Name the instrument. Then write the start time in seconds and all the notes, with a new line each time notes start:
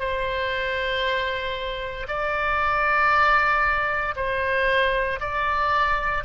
oboe
0.00 C5
2.08 D5
4.17 C5
5.21 D5